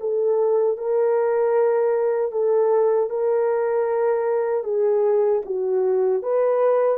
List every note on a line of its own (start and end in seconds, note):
0.00 0.77 A4
0.77 2.32 A#4
2.32 3.10 A4
3.10 4.64 A#4
4.64 5.42 G#4
5.45 6.22 F#4
6.22 6.98 B4